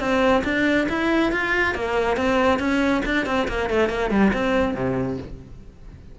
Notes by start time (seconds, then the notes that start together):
0.00 C4
0.45 D4
0.89 E4
1.33 F4
1.75 A#3
2.17 C4
2.60 C#4
3.05 D4
3.26 C4
3.48 A#3
3.70 A3
3.90 A#3
4.11 G3
4.34 C4
4.75 C3